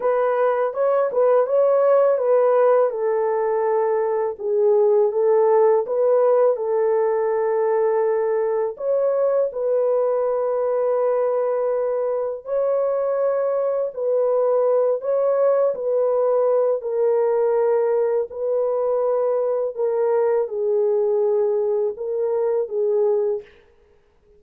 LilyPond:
\new Staff \with { instrumentName = "horn" } { \time 4/4 \tempo 4 = 82 b'4 cis''8 b'8 cis''4 b'4 | a'2 gis'4 a'4 | b'4 a'2. | cis''4 b'2.~ |
b'4 cis''2 b'4~ | b'8 cis''4 b'4. ais'4~ | ais'4 b'2 ais'4 | gis'2 ais'4 gis'4 | }